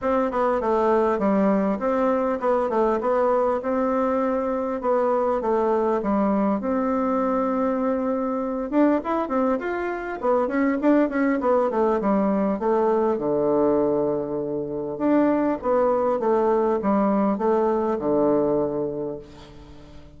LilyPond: \new Staff \with { instrumentName = "bassoon" } { \time 4/4 \tempo 4 = 100 c'8 b8 a4 g4 c'4 | b8 a8 b4 c'2 | b4 a4 g4 c'4~ | c'2~ c'8 d'8 e'8 c'8 |
f'4 b8 cis'8 d'8 cis'8 b8 a8 | g4 a4 d2~ | d4 d'4 b4 a4 | g4 a4 d2 | }